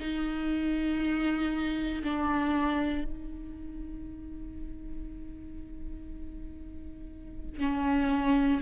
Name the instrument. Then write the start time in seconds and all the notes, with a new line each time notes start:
viola
0.00 D#4
2.04 D4
3.05 D#4
7.59 C#4